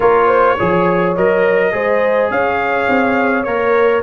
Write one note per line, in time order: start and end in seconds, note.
0.00 0.57 A#3
0.00 0.58 F4
0.00 0.27 A#4
0.00 1.13 C#5
0.27 0.55 C5
0.57 1.16 F3
0.57 1.16 G#4
0.57 1.72 C#5
1.15 1.73 F#3
1.15 1.72 A#4
1.15 2.31 D#5
1.72 2.30 G#3
1.72 3.45 G#4
1.72 2.31 C5
2.30 2.88 C#4
2.30 4.02 C#5
2.30 3.43 F5
2.89 3.46 C4
3.43 4.02 A#3
3.43 4.02 A#4
3.43 4.01 C#5